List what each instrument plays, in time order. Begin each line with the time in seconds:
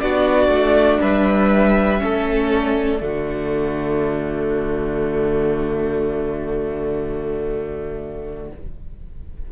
0.00 cello B3, viola D4, violin F#4 D5
0.48 cello A3
1.01 cello G3, violin B4 E5
1.98 cello A3, viola C#4, violin A4
2.51 violin D5
3.00 cello D3, viola A3, violin F#4